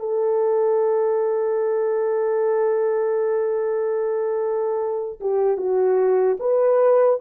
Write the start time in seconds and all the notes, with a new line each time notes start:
0.00 A4
5.21 G4
5.57 F#4
6.40 B4